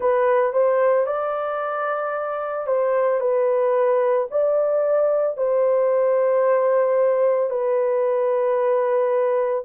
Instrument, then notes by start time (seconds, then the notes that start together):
horn
0.00 B4
0.52 C5
1.06 D5
2.66 C5
3.20 B4
4.31 D5
5.37 C5
7.50 B4